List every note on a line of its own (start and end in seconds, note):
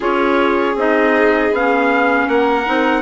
0.00 0.75 C#4
0.00 0.74 F4
0.00 2.25 G#4
0.00 0.78 C#5
0.75 1.51 C4
0.75 1.52 D#4
0.75 1.55 D#5
1.51 2.27 B3
1.51 2.65 C#4
1.51 2.28 F5
2.28 2.66 A#3
2.28 3.01 A#4
2.28 3.01 F#5
2.65 3.01 C4
2.65 3.01 D#4